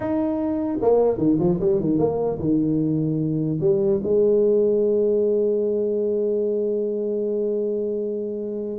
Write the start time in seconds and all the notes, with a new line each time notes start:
0.00 D#4
0.81 A#3
1.17 D#3
1.39 F3
1.60 G3
1.80 D#3
1.98 A#3
2.39 D#3
3.60 G3
4.03 G#3